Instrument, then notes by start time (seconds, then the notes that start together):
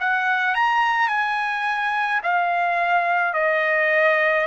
trumpet
0.00 F#5
0.55 A#5
1.08 G#5
2.23 F5
3.33 D#5